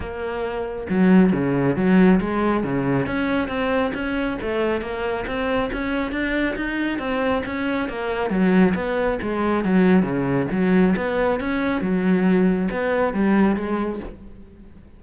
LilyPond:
\new Staff \with { instrumentName = "cello" } { \time 4/4 \tempo 4 = 137 ais2 fis4 cis4 | fis4 gis4 cis4 cis'4 | c'4 cis'4 a4 ais4 | c'4 cis'4 d'4 dis'4 |
c'4 cis'4 ais4 fis4 | b4 gis4 fis4 cis4 | fis4 b4 cis'4 fis4~ | fis4 b4 g4 gis4 | }